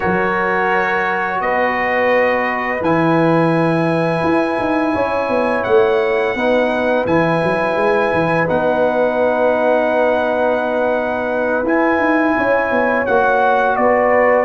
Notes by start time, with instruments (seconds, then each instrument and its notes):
0.00 tuba F#3, trombone F#4, horn A#4, trumpet C#5
1.40 tuba B3, horn B4, trumpet D#5
2.80 tuba E3, trombone E4, trumpet G#5
4.23 tuba E4
4.59 tuba D#4
4.94 tuba C#4, horn C#5
5.28 tuba B3
5.63 tuba A3, trumpet F#5
6.35 tuba B3, trombone D#4, horn B4
7.06 tuba E3, trombone E4, trumpet G#5
7.43 tuba F#3
7.76 tuba G#3
8.13 tuba E3
8.46 tuba B3, trombone D#4, trumpet F#5
11.63 tuba E4, trombone E4, trumpet G#5
11.98 tuba D#4
12.36 tuba C#4, horn C#5
12.70 tuba B3
13.05 tuba A#3, trombone F#4, trumpet F#5
13.76 tuba B3, horn B4, trumpet D5